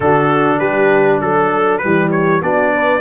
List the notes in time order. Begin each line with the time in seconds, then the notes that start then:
0.00 D3 D4 F#4 A4
0.59 G3 G4 B4
1.20 F#3 A4
1.78 G3 G4 B4
1.84 E3
2.11 C#5
2.41 B3 D4 F#4 D5
2.74 B4